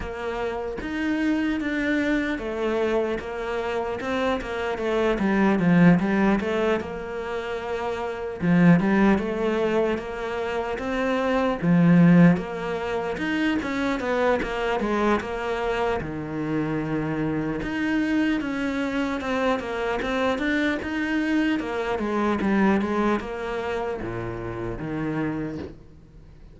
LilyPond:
\new Staff \with { instrumentName = "cello" } { \time 4/4 \tempo 4 = 75 ais4 dis'4 d'4 a4 | ais4 c'8 ais8 a8 g8 f8 g8 | a8 ais2 f8 g8 a8~ | a8 ais4 c'4 f4 ais8~ |
ais8 dis'8 cis'8 b8 ais8 gis8 ais4 | dis2 dis'4 cis'4 | c'8 ais8 c'8 d'8 dis'4 ais8 gis8 | g8 gis8 ais4 ais,4 dis4 | }